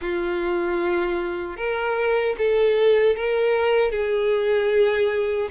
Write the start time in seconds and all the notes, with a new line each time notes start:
0.01 F4
1.56 A#4
2.38 A4
3.15 A#4
3.91 G#4